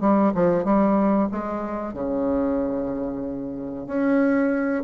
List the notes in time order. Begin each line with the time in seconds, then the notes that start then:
0.00 G3
0.34 F3
0.64 G3
1.31 G#3
1.93 C#3
3.87 C#4